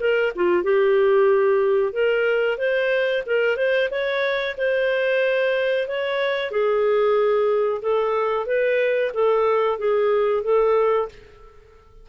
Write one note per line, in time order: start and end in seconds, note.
0.00 0.33 A#4
0.36 0.63 F4
0.63 1.93 G4
1.93 2.58 A#4
2.58 3.23 C5
3.26 3.57 A#4
3.57 3.89 C5
3.91 4.56 C#5
4.57 5.88 C5
5.88 6.51 C#5
6.51 7.81 G#4
7.82 8.46 A4
8.46 9.12 B4
9.14 9.79 A4
9.79 10.43 G#4
10.43 11.08 A4